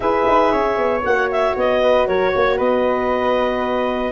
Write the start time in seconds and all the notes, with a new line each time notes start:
0.00 E4 G#4 B4 E5
0.27 D#4
0.52 C#4 C#5
0.77 B3
1.04 A#3 F#4 F#5
1.31 E5
1.56 B3 D#5
1.81 B4
2.07 F#3 A#4 C#5
2.29 C#5
2.35 A#3
2.56 B3 B4 D#5